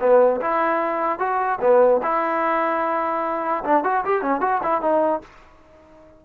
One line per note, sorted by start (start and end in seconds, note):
0.00 0.40 B3
0.40 1.19 E4
1.19 1.59 F#4
1.61 2.01 B3
2.02 3.63 E4
3.64 3.84 D4
3.84 4.04 F#4
4.05 4.21 G4
4.21 4.40 C#4
4.40 4.61 F#4
4.63 4.81 E4
4.81 5.21 D#4